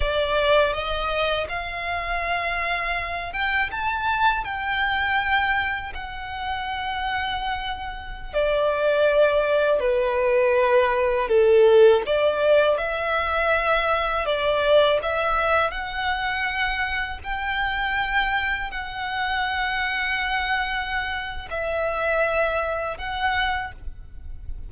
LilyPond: \new Staff \with { instrumentName = "violin" } { \time 4/4 \tempo 4 = 81 d''4 dis''4 f''2~ | f''8 g''8 a''4 g''2 | fis''2.~ fis''16 d''8.~ | d''4~ d''16 b'2 a'8.~ |
a'16 d''4 e''2 d''8.~ | d''16 e''4 fis''2 g''8.~ | g''4~ g''16 fis''2~ fis''8.~ | fis''4 e''2 fis''4 | }